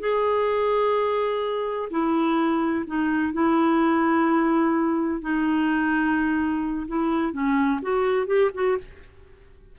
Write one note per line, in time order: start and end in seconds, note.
0.00 1.89 G#4
1.90 2.85 E4
2.87 3.33 D#4
3.33 5.21 E4
5.21 6.87 D#4
6.88 7.33 E4
7.33 7.80 C#4
7.82 8.27 F#4
8.27 8.50 G4
8.54 8.77 F#4